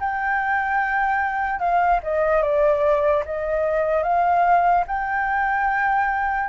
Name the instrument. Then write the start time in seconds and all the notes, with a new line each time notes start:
flute
0.00 G5
1.59 F5
2.03 D#5
2.43 D5
3.25 D#5
4.03 F5
4.87 G5